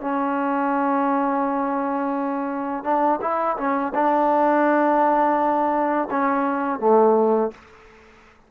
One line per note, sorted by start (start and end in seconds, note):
0.00 2.83 C#4
2.83 3.19 D4
3.21 3.56 E4
3.57 3.93 C#4
3.94 6.08 D4
6.10 6.79 C#4
6.79 7.51 A3